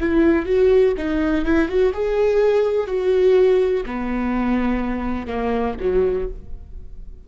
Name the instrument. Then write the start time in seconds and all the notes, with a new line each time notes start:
viola
0.00 E4
0.46 F#4
0.97 D#4
1.45 E4
1.68 F#4
1.93 G#4
2.87 F#4
3.86 B3
5.27 A#3
5.80 F#3